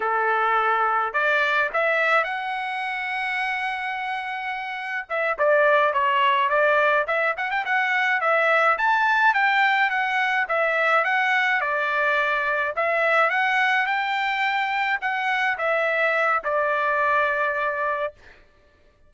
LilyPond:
\new Staff \with { instrumentName = "trumpet" } { \time 4/4 \tempo 4 = 106 a'2 d''4 e''4 | fis''1~ | fis''4 e''8 d''4 cis''4 d''8~ | d''8 e''8 fis''16 g''16 fis''4 e''4 a''8~ |
a''8 g''4 fis''4 e''4 fis''8~ | fis''8 d''2 e''4 fis''8~ | fis''8 g''2 fis''4 e''8~ | e''4 d''2. | }